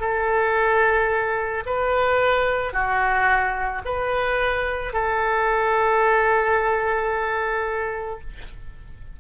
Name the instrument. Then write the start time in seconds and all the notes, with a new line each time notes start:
oboe
0.00 A4
1.66 B4
2.73 F#4
3.85 B4
4.93 A4